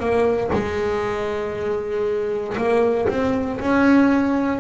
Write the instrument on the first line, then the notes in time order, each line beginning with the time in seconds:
double bass
0.00 A#3
0.53 G#3
2.57 A#3
3.09 C4
3.61 C#4